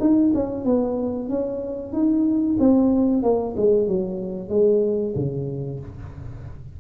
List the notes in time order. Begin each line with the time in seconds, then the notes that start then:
0.00 D#4
0.34 C#4
0.65 B3
1.29 C#4
1.92 D#4
2.59 C4
3.23 A#3
3.57 G#3
3.87 F#3
4.49 G#3
5.15 C#3